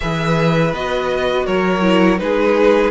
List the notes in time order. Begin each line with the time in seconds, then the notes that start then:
0.00 E3 G#4 B4 E5
0.73 B3 F#4 D#5
1.46 F#3 A#4 C#5
1.81 E4
2.18 G#3 D#4 G#4 B4